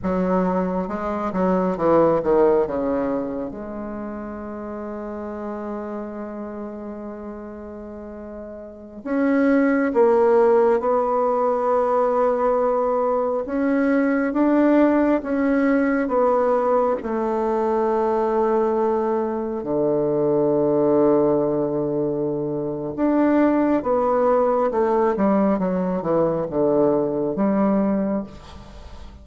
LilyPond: \new Staff \with { instrumentName = "bassoon" } { \time 4/4 \tempo 4 = 68 fis4 gis8 fis8 e8 dis8 cis4 | gis1~ | gis2~ gis16 cis'4 ais8.~ | ais16 b2. cis'8.~ |
cis'16 d'4 cis'4 b4 a8.~ | a2~ a16 d4.~ d16~ | d2 d'4 b4 | a8 g8 fis8 e8 d4 g4 | }